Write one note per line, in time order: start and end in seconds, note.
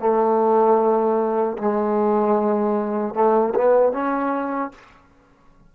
0.00 1.58 A3
1.58 3.15 G#3
3.15 3.54 A3
3.55 3.93 B3
3.93 4.72 C#4